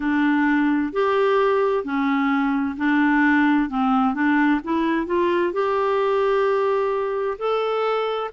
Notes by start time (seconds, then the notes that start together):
0.00 D4
0.92 G4
1.83 C#4
2.77 D4
3.69 C4
4.14 D4
4.64 E4
5.06 F4
5.53 G4
7.38 A4